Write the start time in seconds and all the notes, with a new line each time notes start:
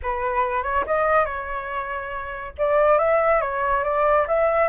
0.02 B4
0.63 C#5
0.86 D#5
1.25 C#5
2.57 D5
2.98 E5
3.41 C#5
3.83 D5
4.27 E5